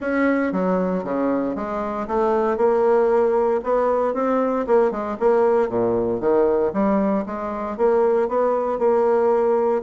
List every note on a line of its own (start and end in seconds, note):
0.00 0.52 C#4
0.52 1.03 F#3
1.03 1.55 C#3
1.55 2.07 G#3
2.07 2.57 A3
2.57 3.60 A#3
3.63 4.14 B3
4.14 4.66 C4
4.66 4.91 A#3
4.91 5.17 G#3
5.19 5.68 A#3
5.68 6.20 A#2
6.20 6.71 D#3
6.73 7.24 G3
7.26 7.77 G#3
7.77 8.28 A#3
8.28 8.79 B3
8.79 9.82 A#3